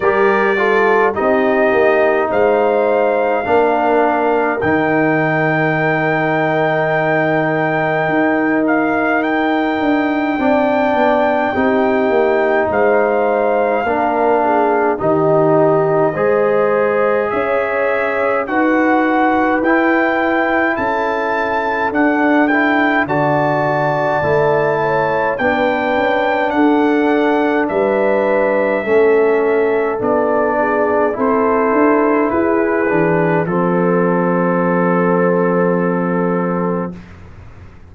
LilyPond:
<<
  \new Staff \with { instrumentName = "trumpet" } { \time 4/4 \tempo 4 = 52 d''4 dis''4 f''2 | g''2.~ g''8 f''8 | g''2. f''4~ | f''4 dis''2 e''4 |
fis''4 g''4 a''4 fis''8 g''8 | a''2 g''4 fis''4 | e''2 d''4 c''4 | b'4 a'2. | }
  \new Staff \with { instrumentName = "horn" } { \time 4/4 ais'8 a'8 g'4 c''4 ais'4~ | ais'1~ | ais'4 d''4 g'4 c''4 | ais'8 gis'8 g'4 c''4 cis''4 |
b'2 a'2 | d''4. cis''8 b'4 a'4 | b'4 a'4. gis'8 a'4 | gis'4 a'2. | }
  \new Staff \with { instrumentName = "trombone" } { \time 4/4 g'8 f'8 dis'2 d'4 | dis'1~ | dis'4 d'4 dis'2 | d'4 dis'4 gis'2 |
fis'4 e'2 d'8 e'8 | fis'4 e'4 d'2~ | d'4 cis'4 d'4 e'4~ | e'8 d'8 c'2. | }
  \new Staff \with { instrumentName = "tuba" } { \time 4/4 g4 c'8 ais8 gis4 ais4 | dis2. dis'4~ | dis'8 d'8 c'8 b8 c'8 ais8 gis4 | ais4 dis4 gis4 cis'4 |
dis'4 e'4 cis'4 d'4 | d4 a4 b8 cis'8 d'4 | g4 a4 b4 c'8 d'8 | e'8 e8 f2. | }
>>